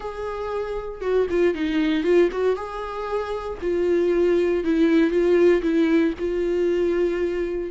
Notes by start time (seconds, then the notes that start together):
0.00 G#4
1.01 F#4
1.30 F4
1.54 D#4
2.03 F4
2.31 F#4
2.55 G#4
3.61 F4
4.64 E4
5.10 F4
5.62 E4
6.18 F4